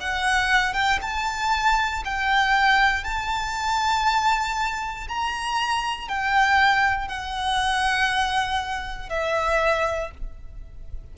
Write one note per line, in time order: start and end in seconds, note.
0.00 0.73 F#5
0.73 0.99 G5
1.02 2.03 A5
2.05 3.04 G5
3.04 5.08 A5
5.08 6.08 A#5
6.08 7.08 G5
7.08 9.09 F#5
9.09 10.11 E5